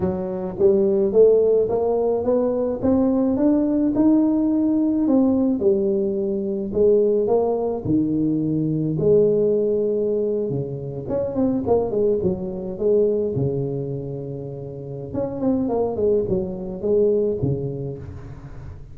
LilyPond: \new Staff \with { instrumentName = "tuba" } { \time 4/4 \tempo 4 = 107 fis4 g4 a4 ais4 | b4 c'4 d'4 dis'4~ | dis'4 c'4 g2 | gis4 ais4 dis2 |
gis2~ gis8. cis4 cis'16~ | cis'16 c'8 ais8 gis8 fis4 gis4 cis16~ | cis2. cis'8 c'8 | ais8 gis8 fis4 gis4 cis4 | }